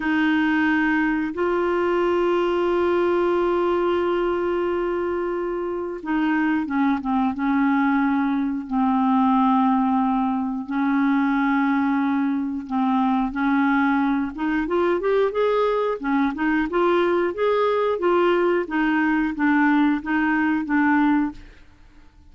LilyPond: \new Staff \with { instrumentName = "clarinet" } { \time 4/4 \tempo 4 = 90 dis'2 f'2~ | f'1~ | f'4 dis'4 cis'8 c'8 cis'4~ | cis'4 c'2. |
cis'2. c'4 | cis'4. dis'8 f'8 g'8 gis'4 | cis'8 dis'8 f'4 gis'4 f'4 | dis'4 d'4 dis'4 d'4 | }